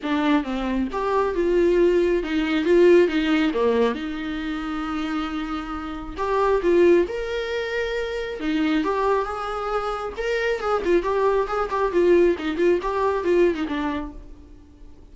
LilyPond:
\new Staff \with { instrumentName = "viola" } { \time 4/4 \tempo 4 = 136 d'4 c'4 g'4 f'4~ | f'4 dis'4 f'4 dis'4 | ais4 dis'2.~ | dis'2 g'4 f'4 |
ais'2. dis'4 | g'4 gis'2 ais'4 | gis'8 f'8 g'4 gis'8 g'8 f'4 | dis'8 f'8 g'4 f'8. dis'16 d'4 | }